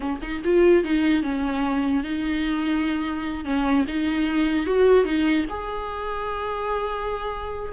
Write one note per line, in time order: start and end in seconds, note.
0.00 0.19 C#4
0.21 0.42 D#4
0.44 0.83 F4
0.83 1.22 D#4
1.22 2.03 C#4
2.03 3.44 D#4
3.44 3.85 C#4
3.87 4.66 D#4
4.66 5.04 F#4
5.04 5.45 D#4
5.49 7.72 G#4